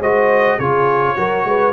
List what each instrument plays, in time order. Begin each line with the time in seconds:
0.00 tuba G#3, trombone F#4, horn C5, trumpet D#5
0.58 tuba C#3, trombone F4, horn G#4, trumpet C#5
1.16 tuba F#3, trombone F#4, horn A#4
1.45 tuba G#3, horn B4